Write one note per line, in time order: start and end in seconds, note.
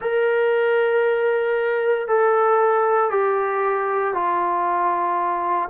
0.01 2.07 A#4
2.07 3.10 A4
3.10 4.14 G4
4.14 5.69 F4